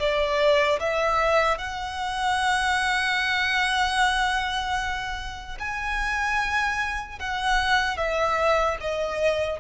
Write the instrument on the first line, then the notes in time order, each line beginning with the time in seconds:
violin
0.00 D5
0.80 E5
1.59 F#5
5.60 G#5
7.20 F#5
7.98 E5
8.81 D#5